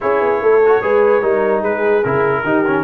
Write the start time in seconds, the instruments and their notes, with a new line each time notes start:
0.00 tuba C#4, trombone E4, horn G#4, trumpet C#5
0.21 tuba B3
0.41 tuba A3, horn A4
0.65 trombone F#4
0.82 tuba G#3, trombone G#4, horn B4
1.22 tuba G3, trombone D#4, horn A#4
1.60 tuba G#3, horn G#4, trumpet B4
2.03 tuba C#3, trombone E4, trumpet A#4
2.43 tuba D#3, trombone D#4, horn G4
2.66 trombone C#4